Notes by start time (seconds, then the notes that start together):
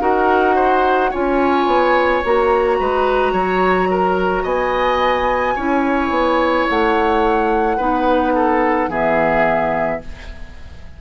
0.00 D#4 F#4 A#4 F#5
0.55 C5
1.10 C#4 F4 C#5 G#5
1.66 B3
2.24 A#3 F#4 A#5
2.79 G#3 B4
3.32 F#3 C#5
3.90 A#4
4.43 B3 D#5 G#5
5.55 C#4 E4 C#5
6.10 B3
6.69 A3 F#5
7.77 B3 D#4 B4
8.34 A4
8.87 E3 B3 G#4 E5